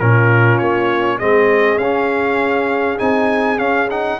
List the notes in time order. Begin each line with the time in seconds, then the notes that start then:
0.00 A#2 C#4 F4 A#4
0.58 A#3 C#5
1.19 G#3 C4 G#4 D#5
1.77 C#4 F5
2.98 C4 D#4 G#5
3.58 C#4 F5
3.90 D#4 F#5